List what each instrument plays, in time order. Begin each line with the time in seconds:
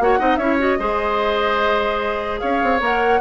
0.00 bassoon A#3, clarinet F#4, oboe C#5, flute F#5
0.19 bassoon C4, clarinet D#4, oboe D#5
0.36 bassoon C#4, clarinet E4, oboe C#5, flute E5
0.59 clarinet F#4, flute D#5
0.79 bassoon G#3, clarinet G#4, oboe C5
2.40 bassoon C#4, oboe C#5, flute F5
2.64 bassoon C4
2.80 bassoon A#3, clarinet A#4, flute F#5